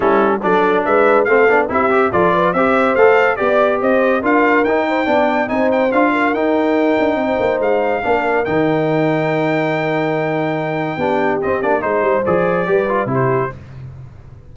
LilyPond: <<
  \new Staff \with { instrumentName = "trumpet" } { \time 4/4 \tempo 4 = 142 a'4 d''4 e''4 f''4 | e''4 d''4 e''4 f''4 | d''4 dis''4 f''4 g''4~ | g''4 gis''8 g''8 f''4 g''4~ |
g''2 f''2 | g''1~ | g''2. dis''8 d''8 | c''4 d''2 c''4 | }
  \new Staff \with { instrumentName = "horn" } { \time 4/4 e'4 a'4 b'4 a'4 | g'4 a'8 b'8 c''2 | d''4 c''4 ais'4. c''8 | d''4 c''4. ais'4.~ |
ais'4 c''2 ais'4~ | ais'1~ | ais'2 g'2 | c''2 b'4 g'4 | }
  \new Staff \with { instrumentName = "trombone" } { \time 4/4 cis'4 d'2 c'8 d'8 | e'8 g'8 f'4 g'4 a'4 | g'2 f'4 dis'4 | d'4 dis'4 f'4 dis'4~ |
dis'2. d'4 | dis'1~ | dis'2 d'4 c'8 d'8 | dis'4 gis'4 g'8 f'8 e'4 | }
  \new Staff \with { instrumentName = "tuba" } { \time 4/4 g4 fis4 gis4 a8 b8 | c'4 f4 c'4 a4 | b4 c'4 d'4 dis'4 | b4 c'4 d'4 dis'4~ |
dis'8 d'8 c'8 ais8 gis4 ais4 | dis1~ | dis2 b4 c'8 ais8 | gis8 g8 f4 g4 c4 | }
>>